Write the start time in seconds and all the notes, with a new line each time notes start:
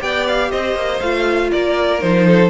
0.00 B3 G4 D5 G5
0.27 F5
0.50 C4 C5 D#5
0.75 A#3
1.00 A3 F4 F5
1.51 A#3 A#4 D5
2.00 F3 D#4 C5
2.27 A4